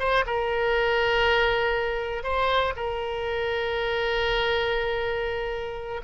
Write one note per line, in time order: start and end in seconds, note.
0.00 0.25 C5
0.27 2.24 A#4
2.24 2.74 C5
2.77 6.02 A#4